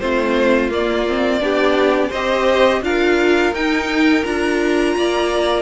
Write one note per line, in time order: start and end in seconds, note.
0.00 0.71 A3
0.00 0.70 C4
0.00 1.42 F4
0.00 0.71 C5
0.70 1.05 A#3
0.70 1.41 A#3
0.70 2.12 D5
1.08 1.41 C4
1.41 2.11 B3
1.41 2.11 D4
1.41 2.10 G4
2.10 2.82 C4
2.10 2.83 G4
2.10 2.80 C5
2.10 2.83 D#5
2.82 3.52 D4
2.82 3.54 F4
2.82 4.97 A#4
2.82 3.54 F5
3.53 4.24 D#4
3.53 4.25 G5
4.24 4.96 D4
4.24 5.63 F4
4.24 5.63 A#5
4.96 5.63 A#3
4.96 5.63 D5